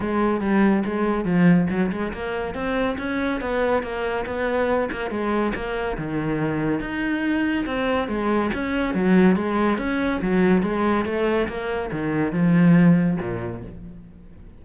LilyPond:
\new Staff \with { instrumentName = "cello" } { \time 4/4 \tempo 4 = 141 gis4 g4 gis4 f4 | fis8 gis8 ais4 c'4 cis'4 | b4 ais4 b4. ais8 | gis4 ais4 dis2 |
dis'2 c'4 gis4 | cis'4 fis4 gis4 cis'4 | fis4 gis4 a4 ais4 | dis4 f2 ais,4 | }